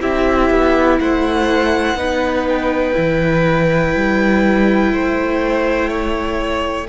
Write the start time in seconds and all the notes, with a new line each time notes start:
0.00 C4 E4 G4 E5
0.50 B3
0.99 A3 C5 F#5
1.94 B3 D#4 B4
2.48 G5
2.93 E3 E4
3.95 G3
4.92 A3 C5
5.89 C#5